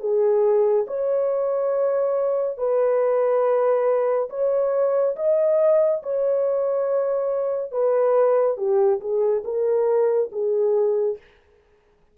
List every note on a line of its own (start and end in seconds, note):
0.00 0.86 G#4
0.87 2.58 C#5
2.58 4.29 B4
4.29 5.15 C#5
5.16 6.02 D#5
6.03 7.71 C#5
7.71 8.57 B4
8.57 9.00 G4
9.00 9.43 G#4
9.44 10.30 A#4
10.32 11.17 G#4